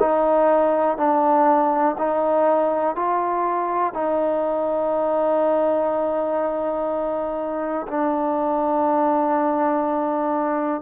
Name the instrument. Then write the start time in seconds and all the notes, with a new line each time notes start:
trombone
0.00 D#4
0.97 D4
1.99 D#4
2.96 F4
3.94 D#4
7.88 D4